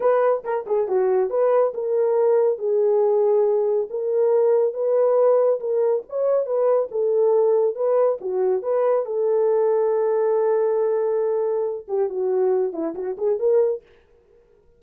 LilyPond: \new Staff \with { instrumentName = "horn" } { \time 4/4 \tempo 4 = 139 b'4 ais'8 gis'8 fis'4 b'4 | ais'2 gis'2~ | gis'4 ais'2 b'4~ | b'4 ais'4 cis''4 b'4 |
a'2 b'4 fis'4 | b'4 a'2.~ | a'2.~ a'8 g'8 | fis'4. e'8 fis'8 gis'8 ais'4 | }